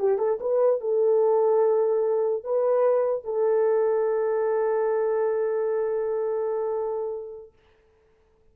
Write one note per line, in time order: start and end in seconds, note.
0.00 0.19 G4
0.19 0.39 A4
0.41 0.81 B4
0.81 2.44 A4
2.44 3.25 B4
3.25 7.53 A4